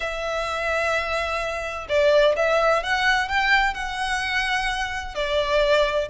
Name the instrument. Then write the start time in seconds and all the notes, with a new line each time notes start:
violin
0.00 E5
1.89 D5
2.36 E5
2.83 F#5
3.28 G5
3.74 F#5
5.14 D5